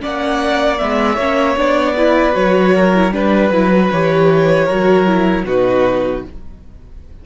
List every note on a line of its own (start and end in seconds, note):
0.00 0.81 A#3
0.00 0.78 C#4
0.00 1.15 D5
0.00 0.78 F#5
0.78 1.17 G#3
0.78 1.17 B3
0.78 1.56 E5
1.15 1.56 A#3
1.15 1.56 C#4
1.15 1.93 C#5
1.56 2.35 B3
1.56 1.95 D4
1.56 2.35 D5
1.96 2.32 E4
1.96 2.74 B4
2.32 3.12 F#3
2.32 2.91 F#4
2.32 3.12 C#5
2.74 3.13 A#4
2.94 3.12 E4
3.12 3.50 G3
3.12 3.51 D4
3.12 3.91 B4
3.12 4.65 B4
3.50 3.89 F#3
3.50 3.72 E4
3.72 3.92 F#4
3.91 4.69 E3
3.91 4.69 G4
3.91 5.46 C#5
4.65 5.44 F#3
4.65 5.06 F#4
4.65 5.43 A#4
5.06 5.45 E4
5.44 6.22 B2
5.44 6.25 D#4
5.44 6.24 F#4
5.44 6.24 B4